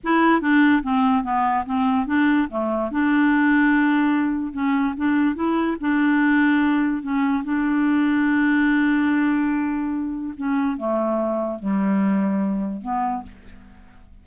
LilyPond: \new Staff \with { instrumentName = "clarinet" } { \time 4/4 \tempo 4 = 145 e'4 d'4 c'4 b4 | c'4 d'4 a4 d'4~ | d'2. cis'4 | d'4 e'4 d'2~ |
d'4 cis'4 d'2~ | d'1~ | d'4 cis'4 a2 | g2. b4 | }